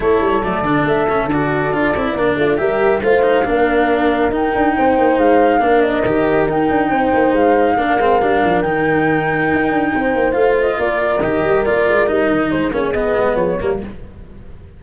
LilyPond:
<<
  \new Staff \with { instrumentName = "flute" } { \time 4/4 \tempo 4 = 139 cis''4 d''4 e''4 d''4~ | d''2 e''4 f''4~ | f''2 g''2 | f''4. dis''4. g''4~ |
g''4 f''2. | g''1 | f''8 dis''8 d''4 dis''4 d''4 | dis''4 c''8 cis''8 dis''4 cis''4 | }
  \new Staff \with { instrumentName = "horn" } { \time 4/4 a'1~ | a'4 ais'8 f'8 ais'4 c''4 | ais'2. c''4~ | c''4 ais'2. |
c''2 ais'2~ | ais'2. c''4~ | c''4 ais'2.~ | ais'4 gis'2~ gis'8 ais'8 | }
  \new Staff \with { instrumentName = "cello" } { \time 4/4 e'4 a8 d'4 cis'8 fis'4 | f'8 e'8 d'4 g'4 f'8 dis'8 | d'2 dis'2~ | dis'4 d'4 g'4 dis'4~ |
dis'2 d'8 c'8 d'4 | dis'1 | f'2 g'4 f'4 | dis'4. cis'8 b4. ais8 | }
  \new Staff \with { instrumentName = "tuba" } { \time 4/4 a8 g8 fis8 d8 a4 d4 | d'8 c'8 ais8 a8 g4 a4 | ais2 dis'8 d'8 c'8 ais8 | gis4 ais4 dis4 dis'8 d'8 |
c'8 ais8 gis4 ais8 gis8 g8 f8 | dis2 dis'8 d'8 c'8 ais8 | a4 ais4 dis8 g8 ais8 gis8 | g8 dis8 gis8 ais8 b8 gis8 f8 g8 | }
>>